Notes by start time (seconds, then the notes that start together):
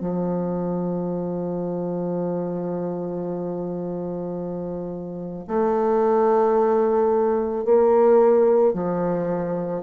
0.00 F3
5.47 A3
7.64 A#3
8.73 F3